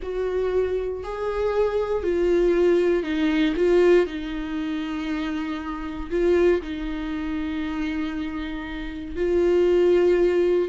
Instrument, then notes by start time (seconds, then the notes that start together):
viola
0.02 F#4
1.03 G#4
2.03 F4
3.03 D#4
3.56 F4
4.06 D#4
6.10 F4
6.61 D#4
9.16 F4